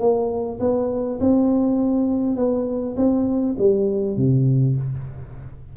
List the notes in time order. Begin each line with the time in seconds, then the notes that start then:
0.00 A#3
0.60 B3
1.20 C4
2.37 B3
2.97 C4
3.59 G3
4.17 C3